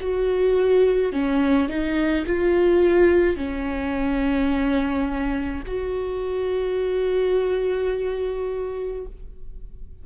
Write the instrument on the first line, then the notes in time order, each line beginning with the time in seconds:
viola
0.00 F#4
1.12 C#4
1.68 D#4
2.26 F4
3.36 C#4
5.66 F#4